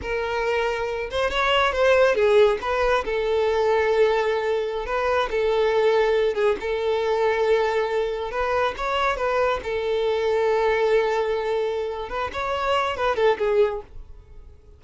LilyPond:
\new Staff \with { instrumentName = "violin" } { \time 4/4 \tempo 4 = 139 ais'2~ ais'8 c''8 cis''4 | c''4 gis'4 b'4 a'4~ | a'2.~ a'16 b'8.~ | b'16 a'2~ a'8 gis'8 a'8.~ |
a'2.~ a'16 b'8.~ | b'16 cis''4 b'4 a'4.~ a'16~ | a'1 | b'8 cis''4. b'8 a'8 gis'4 | }